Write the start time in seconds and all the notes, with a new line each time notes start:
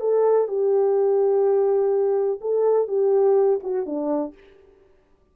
0.00 A4
0.48 G4
2.41 A4
2.88 G4
3.63 F#4
3.86 D4